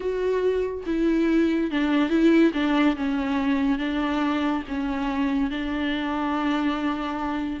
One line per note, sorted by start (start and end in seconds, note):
0.00 0.84 F#4
0.86 1.70 E4
1.71 2.09 D4
2.09 2.51 E4
2.53 2.96 D4
2.96 3.78 C#4
3.78 4.63 D4
4.67 5.50 C#4
5.50 7.60 D4